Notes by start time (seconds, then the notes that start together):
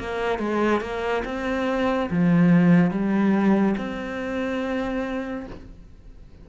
0.00 A#3
0.39 G#3
0.81 A#3
1.25 C4
2.11 F3
2.91 G3
3.78 C4